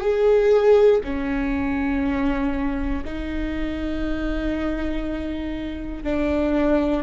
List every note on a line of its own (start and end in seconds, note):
0.00 1.00 G#4
1.04 3.04 C#4
3.04 6.03 D#4
6.03 7.02 D4